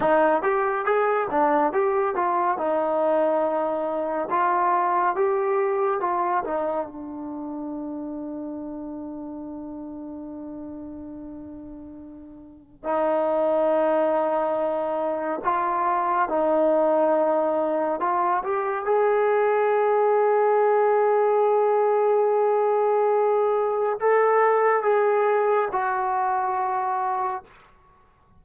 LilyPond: \new Staff \with { instrumentName = "trombone" } { \time 4/4 \tempo 4 = 70 dis'8 g'8 gis'8 d'8 g'8 f'8 dis'4~ | dis'4 f'4 g'4 f'8 dis'8 | d'1~ | d'2. dis'4~ |
dis'2 f'4 dis'4~ | dis'4 f'8 g'8 gis'2~ | gis'1 | a'4 gis'4 fis'2 | }